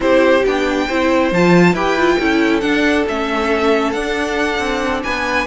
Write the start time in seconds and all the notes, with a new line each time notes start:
0.00 C4 E4 G4 C5
0.44 B3 D4 G5
0.87 C4 E4 C5
1.31 F3 F4 A5
1.73 E4 G4 B4 G5
1.97 F4
2.19 C#4 E4 A4
2.60 D4 F#5
3.08 A3 C#4 E5
3.92 D4 F#5
4.58 C4
5.03 B3 B4 G#5